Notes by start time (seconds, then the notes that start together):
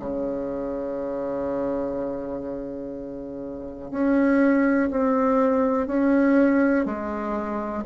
0.00 C#3
3.91 C#4
4.91 C4
5.87 C#4
6.86 G#3